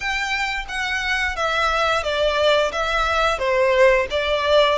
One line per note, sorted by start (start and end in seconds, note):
0.00 0.65 G5
0.68 1.36 F#5
1.36 2.03 E5
2.03 2.71 D5
2.71 3.38 E5
3.38 4.07 C5
4.10 4.78 D5